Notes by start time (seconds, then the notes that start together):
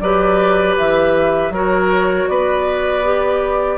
0.00 F#3 G4 B4 D5
0.78 E3 E5
1.50 F#3 F#4 A#4
1.56 C#5
2.28 B3 B4 D5
3.03 G4